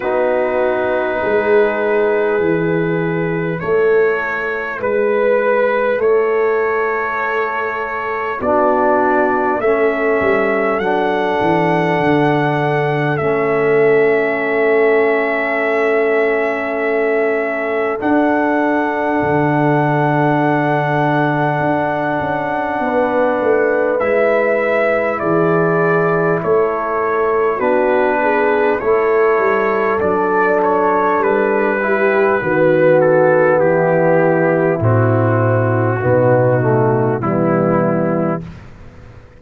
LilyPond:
<<
  \new Staff \with { instrumentName = "trumpet" } { \time 4/4 \tempo 4 = 50 b'2. cis''4 | b'4 cis''2 d''4 | e''4 fis''2 e''4~ | e''2. fis''4~ |
fis''1 | e''4 d''4 cis''4 b'4 | cis''4 d''8 cis''8 b'4. a'8 | g'4 fis'2 e'4 | }
  \new Staff \with { instrumentName = "horn" } { \time 4/4 fis'4 gis'2 a'4 | b'4 a'2 fis'4 | a'1~ | a'1~ |
a'2. b'4~ | b'4 gis'4 a'4 fis'8 gis'8 | a'2~ a'8 g'8 fis'4 | e'2 dis'4 b4 | }
  \new Staff \with { instrumentName = "trombone" } { \time 4/4 dis'2 e'2~ | e'2. d'4 | cis'4 d'2 cis'4~ | cis'2. d'4~ |
d'1 | e'2. d'4 | e'4 d'4. e'8 b4~ | b4 c'4 b8 a8 g4 | }
  \new Staff \with { instrumentName = "tuba" } { \time 4/4 b4 gis4 e4 a4 | gis4 a2 b4 | a8 g8 fis8 e8 d4 a4~ | a2. d'4 |
d2 d'8 cis'8 b8 a8 | gis4 e4 a4 b4 | a8 g8 fis4 g4 dis4 | e4 a,4 b,4 e4 | }
>>